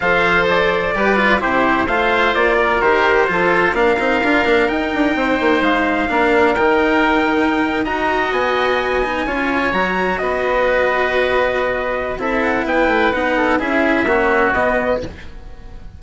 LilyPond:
<<
  \new Staff \with { instrumentName = "trumpet" } { \time 4/4 \tempo 4 = 128 f''4 d''2 c''4 | f''4 d''4 c''2 | f''2 g''2 | f''2 g''2~ |
g''8. ais''4 gis''2~ gis''16~ | gis''8. ais''4 dis''2~ dis''16~ | dis''2 e''8 fis''8 g''4 | fis''4 e''2 dis''4 | }
  \new Staff \with { instrumentName = "oboe" } { \time 4/4 c''2 b'4 g'4 | c''4. ais'4. a'4 | ais'2. c''4~ | c''4 ais'2.~ |
ais'8. dis''2. cis''16~ | cis''4.~ cis''16 b'2~ b'16~ | b'2 a'4 b'4~ | b'8 a'8 gis'4 fis'2 | }
  \new Staff \with { instrumentName = "cello" } { \time 4/4 a'2 g'8 f'8 e'4 | f'2 g'4 f'4 | d'8 dis'8 f'8 d'8 dis'2~ | dis'4 d'4 dis'2~ |
dis'8. fis'2~ fis'8 dis'8 f'16~ | f'8. fis'2.~ fis'16~ | fis'2 e'2 | dis'4 e'4 cis'4 b4 | }
  \new Staff \with { instrumentName = "bassoon" } { \time 4/4 f2 g4 c4 | a4 ais4 dis4 f4 | ais8 c'8 d'8 ais8 dis'8 d'8 c'8 ais8 | gis4 ais4 dis2~ |
dis8. dis'4 b2 cis'16~ | cis'8. fis4 b2~ b16~ | b2 c'4 b8 a8 | b4 cis'4 ais4 b4 | }
>>